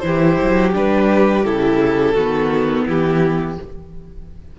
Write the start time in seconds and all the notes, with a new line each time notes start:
0.00 E3 E4 G4 C5
0.42 F#3
0.73 G3 D4 B4
1.45 C#3 E4 A4
2.14 D#3 B3 F#4
2.86 E3 E4 G4